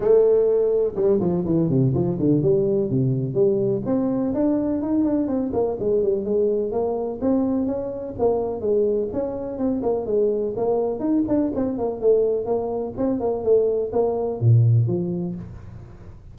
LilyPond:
\new Staff \with { instrumentName = "tuba" } { \time 4/4 \tempo 4 = 125 a2 g8 f8 e8 c8 | f8 d8 g4 c4 g4 | c'4 d'4 dis'8 d'8 c'8 ais8 | gis8 g8 gis4 ais4 c'4 |
cis'4 ais4 gis4 cis'4 | c'8 ais8 gis4 ais4 dis'8 d'8 | c'8 ais8 a4 ais4 c'8 ais8 | a4 ais4 ais,4 f4 | }